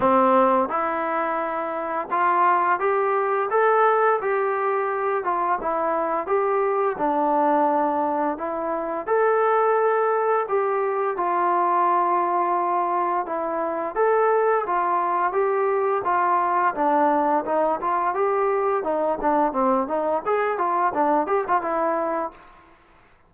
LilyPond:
\new Staff \with { instrumentName = "trombone" } { \time 4/4 \tempo 4 = 86 c'4 e'2 f'4 | g'4 a'4 g'4. f'8 | e'4 g'4 d'2 | e'4 a'2 g'4 |
f'2. e'4 | a'4 f'4 g'4 f'4 | d'4 dis'8 f'8 g'4 dis'8 d'8 | c'8 dis'8 gis'8 f'8 d'8 g'16 f'16 e'4 | }